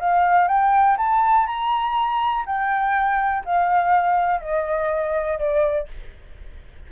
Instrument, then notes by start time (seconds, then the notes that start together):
flute
0.00 F5
0.49 G5
0.98 A5
1.47 A#5
2.46 G5
3.45 F5
4.41 D#5
5.39 D5